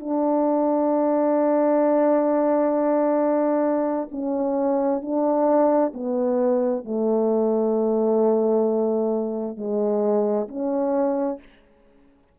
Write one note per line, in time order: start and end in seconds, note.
0.00 4.09 D4
4.12 5.02 C#4
5.02 5.93 D4
5.94 6.85 B3
6.85 9.57 A3
9.57 10.48 G#3
10.48 11.39 C#4